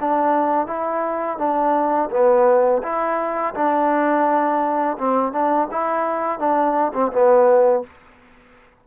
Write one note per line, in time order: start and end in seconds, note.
0.00 0.67 D4
0.67 1.38 E4
1.38 2.09 D4
2.10 2.82 B3
2.82 3.54 E4
3.54 4.97 D4
4.98 5.32 C4
5.32 5.68 D4
5.71 6.39 E4
6.39 6.93 D4
6.94 7.11 C4
7.12 7.83 B3